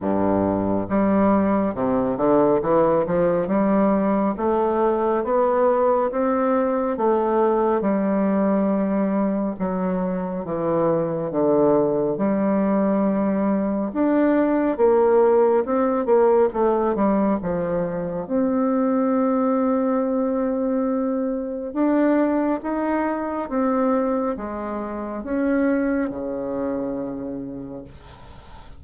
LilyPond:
\new Staff \with { instrumentName = "bassoon" } { \time 4/4 \tempo 4 = 69 g,4 g4 c8 d8 e8 f8 | g4 a4 b4 c'4 | a4 g2 fis4 | e4 d4 g2 |
d'4 ais4 c'8 ais8 a8 g8 | f4 c'2.~ | c'4 d'4 dis'4 c'4 | gis4 cis'4 cis2 | }